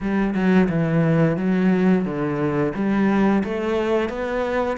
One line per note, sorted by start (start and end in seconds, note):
0.01 0.34 G3
0.34 0.68 F#3
0.69 1.36 E3
1.36 2.05 F#3
2.05 2.73 D3
2.75 3.43 G3
3.43 4.09 A3
4.09 4.77 B3